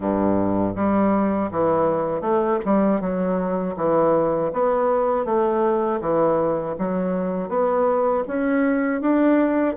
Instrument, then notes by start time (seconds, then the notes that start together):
bassoon
0.00 G2
0.75 G3
1.51 E3
2.21 A3
2.65 G3
3.00 F#3
3.76 E3
4.52 B3
5.25 A3
6.00 E3
6.78 F#3
7.48 B3
8.27 C#4
9.01 D4